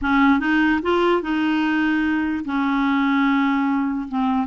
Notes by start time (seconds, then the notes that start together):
0.01 C#4
0.39 D#4
0.82 F4
1.22 D#4
2.45 C#4
4.08 C4